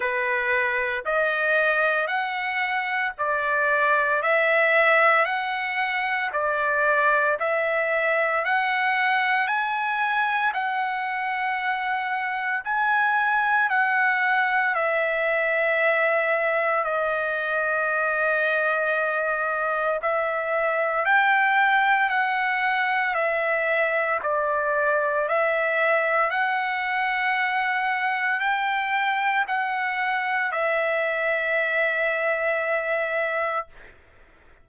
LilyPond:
\new Staff \with { instrumentName = "trumpet" } { \time 4/4 \tempo 4 = 57 b'4 dis''4 fis''4 d''4 | e''4 fis''4 d''4 e''4 | fis''4 gis''4 fis''2 | gis''4 fis''4 e''2 |
dis''2. e''4 | g''4 fis''4 e''4 d''4 | e''4 fis''2 g''4 | fis''4 e''2. | }